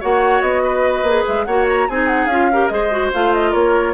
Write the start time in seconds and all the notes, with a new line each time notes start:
0.00 A#3 F#4 C#5 F#5
0.41 B3 D#5
0.63 B4
1.02 A#3 G#4
1.27 G#3 E5
1.44 A#3 F#4 C#5 F#5
1.68 A#5
1.88 C4 D#4 G#4 G#5
2.07 F#5
2.26 C#4 F4 F5
2.52 G4 A#4
2.68 G#3 G#4 C5 D#5
2.91 F#4
3.13 A3 F4 F5
3.33 D#5
3.50 A#3 A#4 C#5